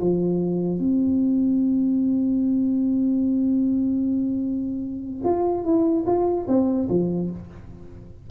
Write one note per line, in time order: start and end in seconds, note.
0.00 0.79 F3
0.79 5.24 C4
5.24 5.64 F4
5.64 6.05 E4
6.06 6.46 F4
6.48 6.88 C4
6.89 7.30 F3